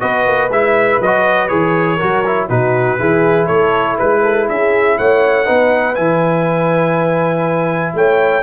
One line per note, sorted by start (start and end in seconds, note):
0.00 0.27 B3
0.00 0.50 F#4
0.00 1.97 B4
0.00 0.50 D#5
0.27 0.50 A#3
0.50 0.99 G#3
0.50 1.02 E4
0.50 1.02 E5
1.01 1.50 F#3
1.01 1.49 F#4
1.01 1.48 D#5
1.48 2.00 E3
1.48 1.98 G#4
1.48 2.47 C#5
1.97 2.49 F#3
1.97 2.24 F#4
1.97 2.47 A#4
2.26 2.49 E4
2.49 2.99 B2
2.49 2.99 D#4
2.49 2.99 F#4
2.49 3.47 B4
2.99 3.49 E3
2.99 5.45 E4
2.99 3.47 G#4
3.47 3.99 A3
3.47 3.97 A4
3.47 3.96 C#5
3.98 4.49 G#3
3.98 4.23 B4
3.98 4.48 B4
4.23 4.48 A4
4.49 4.99 C#4
4.49 4.99 G#4
4.49 4.98 E5
4.98 5.49 A3
4.98 5.46 C#5
4.98 5.95 F#5
5.45 5.98 B3
5.45 5.95 D#4
5.45 7.94 B4
5.95 7.94 E3
5.95 8.43 E4
5.95 7.93 G#5
7.94 8.43 A3
7.94 8.43 C#5
7.94 8.43 G5